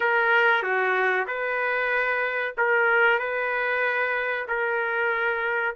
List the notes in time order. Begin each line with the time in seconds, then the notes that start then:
0.00 A#4
0.62 F#4
1.27 B4
2.57 A#4
3.19 B4
4.48 A#4